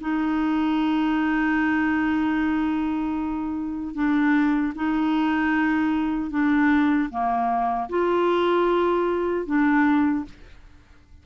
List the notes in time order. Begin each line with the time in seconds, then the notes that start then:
0.00 D#4
3.94 D4
4.75 D#4
6.30 D4
7.10 A#3
7.89 F4
9.46 D4